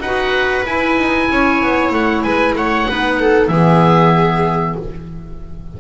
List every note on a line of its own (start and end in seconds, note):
0.00 0.64 D#4
0.00 0.66 F#4
0.00 1.30 B4
0.00 0.65 F#5
0.66 2.89 E4
0.66 0.98 E4
0.66 1.94 G#5
0.98 1.30 D#4
1.31 1.63 C#4
1.31 2.25 C#5
1.63 1.92 B3
1.92 2.24 A3
1.92 2.24 F#5
2.24 2.55 G#3
2.24 2.57 B4
2.24 2.56 G#5
2.55 2.87 A3
2.55 2.89 C#5
2.55 3.48 F#5
2.89 3.49 B3
2.89 3.53 D#4
2.89 3.20 B4
3.20 3.52 A4
3.48 4.76 E3
3.48 4.81 B3
3.48 4.81 G#4
3.48 4.76 E5